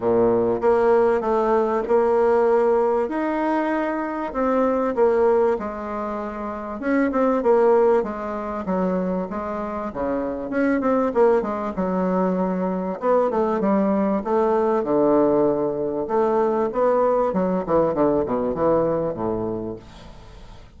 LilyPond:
\new Staff \with { instrumentName = "bassoon" } { \time 4/4 \tempo 4 = 97 ais,4 ais4 a4 ais4~ | ais4 dis'2 c'4 | ais4 gis2 cis'8 c'8 | ais4 gis4 fis4 gis4 |
cis4 cis'8 c'8 ais8 gis8 fis4~ | fis4 b8 a8 g4 a4 | d2 a4 b4 | fis8 e8 d8 b,8 e4 a,4 | }